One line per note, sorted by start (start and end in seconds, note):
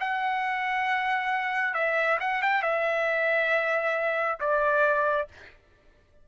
0.00 1.74 F#5
1.74 2.18 E5
2.20 2.42 F#5
2.42 2.62 G5
2.62 4.39 E5
4.40 5.28 D5